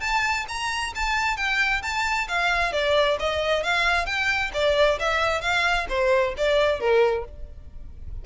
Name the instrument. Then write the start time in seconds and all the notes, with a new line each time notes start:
violin
0.00 A5
0.48 A#5
0.95 A5
1.36 G5
1.82 A5
2.27 F5
2.72 D5
3.19 D#5
3.63 F5
4.06 G5
4.53 D5
4.99 E5
5.41 F5
5.89 C5
6.37 D5
6.80 A#4